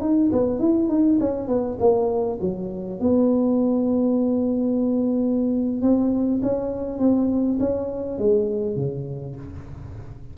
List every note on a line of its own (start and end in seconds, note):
0.00 0.30 D#4
0.32 0.59 B3
0.59 0.89 E4
0.89 1.18 D#4
1.20 1.47 C#4
1.47 1.77 B3
1.79 2.38 A#3
2.41 3.00 F#3
3.00 5.81 B3
5.81 6.41 C4
6.42 6.99 C#4
6.99 7.58 C4
7.59 8.18 C#4
8.18 8.76 G#3
8.76 9.35 C#3